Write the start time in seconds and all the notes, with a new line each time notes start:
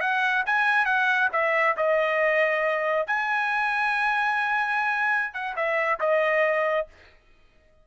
0.00 F#5
0.46 G#5
0.85 F#5
1.32 E5
1.76 D#5
3.06 G#5
5.33 F#5
5.56 E5
6.00 D#5